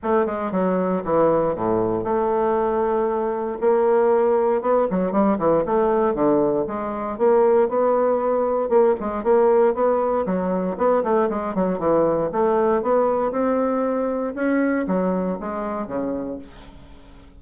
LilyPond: \new Staff \with { instrumentName = "bassoon" } { \time 4/4 \tempo 4 = 117 a8 gis8 fis4 e4 a,4 | a2. ais4~ | ais4 b8 fis8 g8 e8 a4 | d4 gis4 ais4 b4~ |
b4 ais8 gis8 ais4 b4 | fis4 b8 a8 gis8 fis8 e4 | a4 b4 c'2 | cis'4 fis4 gis4 cis4 | }